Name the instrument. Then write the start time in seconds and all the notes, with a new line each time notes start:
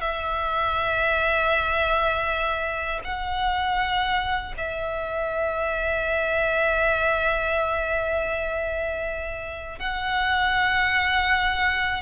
violin
0.00 E5
3.04 F#5
4.57 E5
9.79 F#5